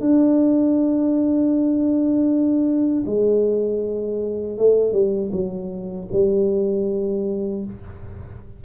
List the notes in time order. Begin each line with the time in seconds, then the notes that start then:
0.00 D4
3.06 G#3
4.57 A3
4.92 G3
5.32 F#3
6.12 G3